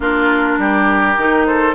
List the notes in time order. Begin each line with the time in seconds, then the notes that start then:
0.00 A#3 D4 F4 A#4
0.58 G3 G4
1.17 D#3 D#4
1.46 A4 C5